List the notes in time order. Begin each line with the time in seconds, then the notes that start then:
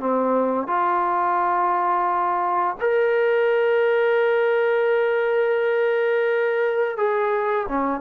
0.00 C4
0.68 F4
2.81 A#4
6.97 G#4
7.69 C#4